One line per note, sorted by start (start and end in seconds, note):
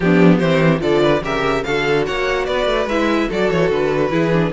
0.00 0.40 F3
0.00 0.43 B3
0.00 0.38 D4
0.00 0.38 G4
0.38 0.81 E3
0.38 0.79 C4
0.38 0.79 G4
0.38 0.79 C5
0.79 1.22 D3
0.79 1.20 F3
0.79 1.02 A4
0.79 1.23 D5
1.02 1.22 B4
1.22 1.63 C#3
1.22 1.64 G4
1.22 1.64 A#4
1.22 1.63 E5
1.63 2.07 D3
1.63 2.90 F#4
1.63 2.06 A4
1.63 2.04 F5
2.06 2.47 A#3
2.06 2.46 C#5
2.06 2.45 F#5
2.45 2.66 B3
2.45 3.27 B4
2.45 2.86 D5
2.66 2.86 A3
2.86 3.27 G#3
2.86 3.29 E4
2.86 3.30 E5
3.27 3.50 F#3
3.27 4.10 F#4
3.27 4.10 A4
3.27 3.50 D5
3.50 3.70 E3
3.50 3.70 C#5
3.70 4.10 D3
3.70 4.52 B4
4.10 4.51 E3
4.10 4.31 E4
4.10 4.52 G#4
4.32 4.52 D4